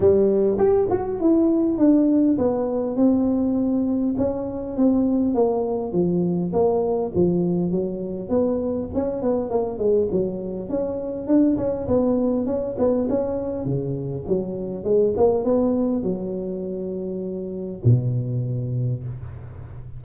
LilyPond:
\new Staff \with { instrumentName = "tuba" } { \time 4/4 \tempo 4 = 101 g4 g'8 fis'8 e'4 d'4 | b4 c'2 cis'4 | c'4 ais4 f4 ais4 | f4 fis4 b4 cis'8 b8 |
ais8 gis8 fis4 cis'4 d'8 cis'8 | b4 cis'8 b8 cis'4 cis4 | fis4 gis8 ais8 b4 fis4~ | fis2 b,2 | }